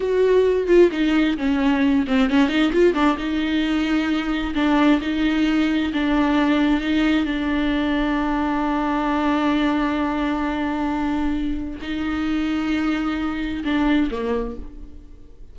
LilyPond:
\new Staff \with { instrumentName = "viola" } { \time 4/4 \tempo 4 = 132 fis'4. f'8 dis'4 cis'4~ | cis'8 c'8 cis'8 dis'8 f'8 d'8 dis'4~ | dis'2 d'4 dis'4~ | dis'4 d'2 dis'4 |
d'1~ | d'1~ | d'2 dis'2~ | dis'2 d'4 ais4 | }